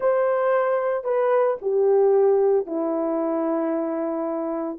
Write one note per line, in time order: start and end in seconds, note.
0.00 1.04 C5
1.04 1.57 B4
1.61 2.66 G4
2.66 4.78 E4